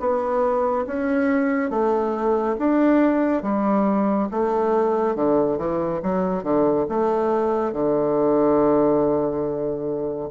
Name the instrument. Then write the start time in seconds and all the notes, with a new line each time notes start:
bassoon
0.00 B3
0.87 C#4
1.71 A3
2.59 D4
3.43 G3
4.32 A3
5.16 D3
5.58 E3
6.03 F#3
6.44 D3
6.89 A3
7.73 D3